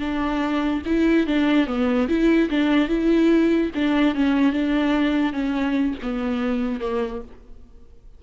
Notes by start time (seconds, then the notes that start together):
0.00 D4
0.86 E4
1.27 D4
1.67 B3
2.09 E4
2.50 D4
2.89 E4
3.75 D4
4.15 C#4
4.53 D4
5.33 C#4
6.03 B3
6.81 A#3